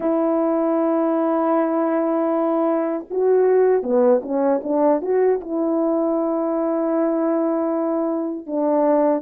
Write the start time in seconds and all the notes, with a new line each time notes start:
0.00 E4
3.10 F#4
3.82 B3
4.22 C#4
4.63 D4
5.01 F#4
5.40 E4
8.46 D4